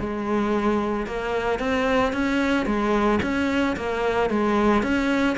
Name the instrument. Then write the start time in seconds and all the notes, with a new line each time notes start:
cello
0.00 G#3
1.07 A#3
1.59 C4
2.13 C#4
2.66 G#3
3.23 C#4
3.77 A#3
4.30 G#3
4.83 C#4